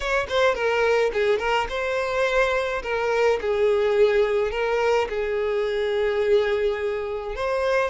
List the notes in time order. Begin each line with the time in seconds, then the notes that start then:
0.00 C#5
0.29 C5
0.54 A#4
1.13 G#4
1.38 A#4
1.69 C5
2.83 A#4
3.41 G#4
4.51 A#4
5.09 G#4
7.35 C5